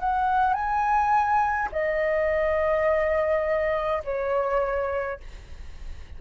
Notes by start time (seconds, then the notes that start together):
0.00 F#5
0.53 G#5
1.72 D#5
4.04 C#5